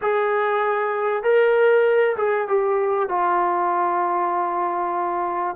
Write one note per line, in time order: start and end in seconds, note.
0.01 1.23 G#4
1.23 2.16 A#4
2.16 2.47 G#4
2.47 3.08 G4
3.08 5.56 F4